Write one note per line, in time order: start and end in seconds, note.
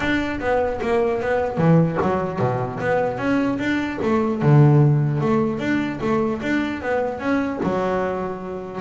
0.00 0.39 D4
0.40 0.80 B3
0.81 1.21 A#3
1.21 1.57 B3
1.57 1.97 E3
2.02 2.39 F#3
2.39 2.79 B2
2.80 3.18 B3
3.18 3.58 C#4
3.58 3.98 D4
4.02 4.42 A3
4.42 5.21 D3
5.21 5.59 A3
5.59 5.99 D4
6.01 6.41 A3
6.42 6.81 D4
6.81 7.19 B3
7.19 7.59 C#4
7.63 8.81 F#3